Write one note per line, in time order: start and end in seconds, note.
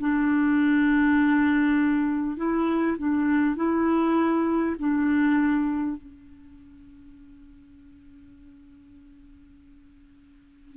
0.00 2.37 D4
2.37 2.97 E4
2.98 3.56 D4
3.56 4.76 E4
4.78 5.97 D4
5.97 10.76 C#4